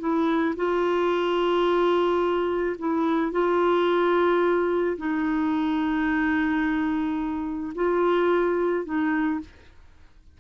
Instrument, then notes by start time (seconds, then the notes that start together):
clarinet
0.00 E4
0.56 F4
2.78 E4
3.32 F4
4.97 D#4
7.75 F4
8.85 D#4